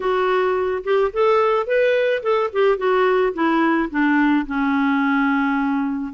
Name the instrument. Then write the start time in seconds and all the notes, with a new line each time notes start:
clarinet
0.00 F#4
0.83 G4
1.13 A4
1.66 B4
2.22 A4
2.52 G4
2.77 F#4
3.33 E4
3.90 D4
4.46 C#4